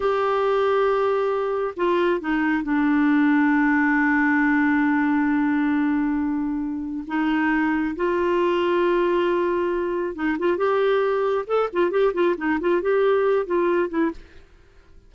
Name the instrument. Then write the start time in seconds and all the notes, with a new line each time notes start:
clarinet
0.00 G4
1.76 F4
2.20 D#4
2.63 D4
7.07 D#4
7.96 F4
10.15 D#4
10.39 F4
10.57 G4
11.47 A4
11.72 F4
11.90 G4
12.13 F4
12.37 D#4
12.60 F4
12.81 G4
13.45 F4
13.89 E4